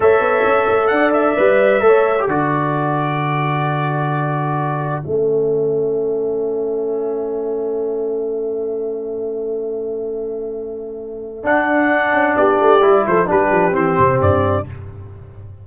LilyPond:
<<
  \new Staff \with { instrumentName = "trumpet" } { \time 4/4 \tempo 4 = 131 e''2 fis''8 e''4.~ | e''4 d''2.~ | d''2. e''4~ | e''1~ |
e''1~ | e''1~ | e''4 fis''2 d''4~ | d''8 c''8 b'4 c''4 d''4 | }
  \new Staff \with { instrumentName = "horn" } { \time 4/4 cis''2 d''2 | cis''4 a'2.~ | a'1~ | a'1~ |
a'1~ | a'1~ | a'2. g'4~ | g'8 a'8 g'2. | }
  \new Staff \with { instrumentName = "trombone" } { \time 4/4 a'2. b'4 | a'8. g'16 fis'2.~ | fis'2. cis'4~ | cis'1~ |
cis'1~ | cis'1~ | cis'4 d'2. | e'4 d'4 c'2 | }
  \new Staff \with { instrumentName = "tuba" } { \time 4/4 a8 b8 cis'8 a8 d'4 g4 | a4 d2.~ | d2. a4~ | a1~ |
a1~ | a1~ | a4 d'4. cis'8 b8 a8 | g8 f8 g8 f8 e8 c8 g,4 | }
>>